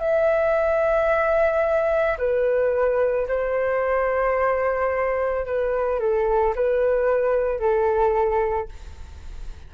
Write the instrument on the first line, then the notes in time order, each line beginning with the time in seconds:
flute
0.00 E5
2.19 B4
3.28 C5
5.46 B4
6.00 A4
6.56 B4
7.60 A4